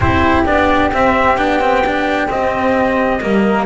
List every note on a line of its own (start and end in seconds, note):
0.00 0.47 C4
0.00 0.45 E4
0.00 3.20 G4
0.00 0.45 C5
0.45 0.93 B3
0.45 0.91 D4
0.45 0.91 D5
0.93 1.36 C4
0.93 1.37 C4
0.93 1.37 E5
1.36 2.28 B3
1.36 1.60 D4
1.36 2.28 G5
1.60 1.83 C4
1.85 2.28 D4
2.28 3.19 C4
2.28 3.22 C4
2.28 3.66 D#5
3.20 3.66 G3
3.20 3.66 A#3
3.20 3.66 A#4